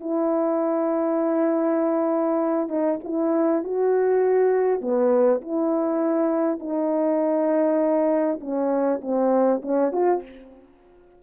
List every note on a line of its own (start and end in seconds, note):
0.00 2.68 E4
2.68 2.98 D#4
3.03 3.63 E4
3.63 4.81 F#4
4.81 5.41 B3
5.41 6.59 E4
6.59 8.39 D#4
8.40 9.00 C#4
9.01 9.61 C4
9.62 9.92 C#4
9.92 10.22 F4